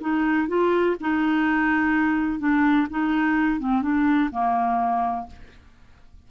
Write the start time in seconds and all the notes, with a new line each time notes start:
0.00 D#4
0.48 F4
1.00 D#4
2.39 D4
2.90 D#4
3.59 C4
3.82 D4
4.31 A#3